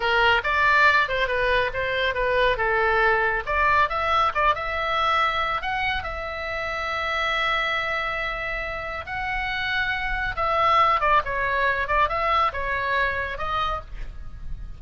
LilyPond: \new Staff \with { instrumentName = "oboe" } { \time 4/4 \tempo 4 = 139 ais'4 d''4. c''8 b'4 | c''4 b'4 a'2 | d''4 e''4 d''8 e''4.~ | e''4 fis''4 e''2~ |
e''1~ | e''4 fis''2. | e''4. d''8 cis''4. d''8 | e''4 cis''2 dis''4 | }